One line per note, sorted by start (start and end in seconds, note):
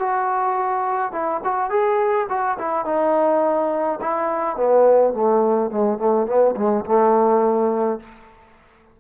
0.00 1.13 F#4
1.13 1.41 E4
1.45 1.70 F#4
1.70 2.28 G#4
2.30 2.58 F#4
2.59 2.86 E4
2.86 4.00 D#4
4.02 4.57 E4
4.57 5.14 B3
5.14 5.71 A3
5.71 5.99 G#3
5.99 6.27 A3
6.27 6.56 B3
6.57 6.85 G#3
6.86 8.00 A3